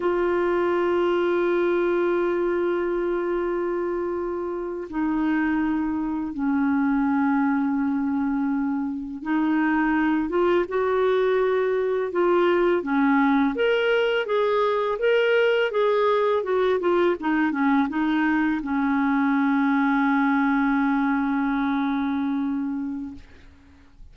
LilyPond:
\new Staff \with { instrumentName = "clarinet" } { \time 4/4 \tempo 4 = 83 f'1~ | f'2~ f'8. dis'4~ dis'16~ | dis'8. cis'2.~ cis'16~ | cis'8. dis'4. f'8 fis'4~ fis'16~ |
fis'8. f'4 cis'4 ais'4 gis'16~ | gis'8. ais'4 gis'4 fis'8 f'8 dis'16~ | dis'16 cis'8 dis'4 cis'2~ cis'16~ | cis'1 | }